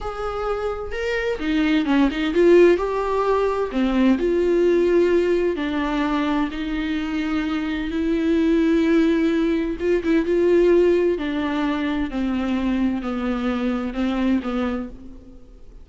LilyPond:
\new Staff \with { instrumentName = "viola" } { \time 4/4 \tempo 4 = 129 gis'2 ais'4 dis'4 | cis'8 dis'8 f'4 g'2 | c'4 f'2. | d'2 dis'2~ |
dis'4 e'2.~ | e'4 f'8 e'8 f'2 | d'2 c'2 | b2 c'4 b4 | }